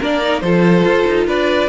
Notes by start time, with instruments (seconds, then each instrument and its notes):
0.00 cello A#3, viola D4, violin A#4 D5
0.22 viola D#4
0.41 cello F3, viola F4, violin A4 C5
0.85 cello F4
1.08 cello D#4
1.27 cello D4, violin B4 D5